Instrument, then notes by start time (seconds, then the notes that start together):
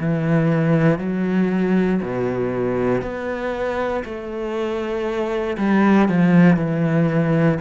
cello
0.00 E3
0.99 F#3
2.02 B2
3.02 B3
4.05 A3
5.58 G3
6.09 F3
6.57 E3